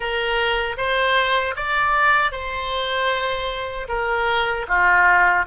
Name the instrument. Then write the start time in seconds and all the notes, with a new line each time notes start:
oboe
0.00 A#4
0.77 C5
1.55 D5
2.31 C5
3.88 A#4
4.68 F4